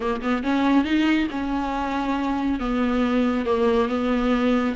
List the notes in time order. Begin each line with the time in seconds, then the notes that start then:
0.00 A#3
0.21 B3
0.43 C#4
0.84 D#4
1.30 C#4
2.59 B3
3.45 A#3
3.88 B3